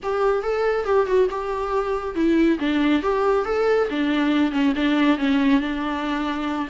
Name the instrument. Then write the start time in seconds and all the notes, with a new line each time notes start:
viola
0.02 G4
0.42 A4
0.85 G4
1.06 F#4
1.30 G4
2.15 E4
2.59 D4
3.02 G4
3.45 A4
3.89 D4
4.51 C#4
4.75 D4
5.18 C#4
5.60 D4